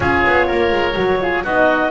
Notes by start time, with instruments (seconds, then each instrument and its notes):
0.00 double bass C#4, horn F4, oboe G#4, clarinet C#5
0.26 double bass B3
0.46 double bass A#3, oboe A#4
0.71 double bass G#3
0.95 double bass F#3, horn F#4
1.21 horn F4, oboe G#4
1.43 double bass B3, horn D#4, oboe F#4, clarinet D#5